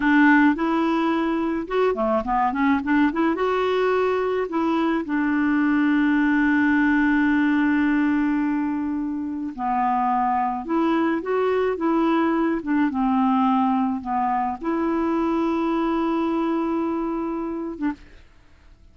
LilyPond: \new Staff \with { instrumentName = "clarinet" } { \time 4/4 \tempo 4 = 107 d'4 e'2 fis'8 a8 | b8 cis'8 d'8 e'8 fis'2 | e'4 d'2.~ | d'1~ |
d'4 b2 e'4 | fis'4 e'4. d'8 c'4~ | c'4 b4 e'2~ | e'2.~ e'8. d'16 | }